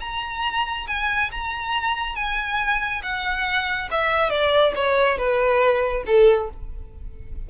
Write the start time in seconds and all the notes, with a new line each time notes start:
0.00 A#5
0.87 G#5
1.31 A#5
2.15 G#5
3.03 F#5
3.91 E5
4.29 D5
4.75 C#5
5.17 B4
6.06 A4